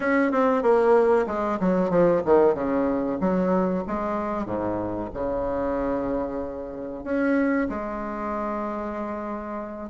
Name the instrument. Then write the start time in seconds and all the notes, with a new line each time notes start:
bassoon
0.00 C#4
0.31 C4
0.62 A#3
1.26 G#3
1.60 F#3
1.89 F3
2.25 D#3
2.54 C#3
3.20 F#3
3.87 G#3
4.45 G#2
5.13 C#3
7.04 C#4
7.69 G#3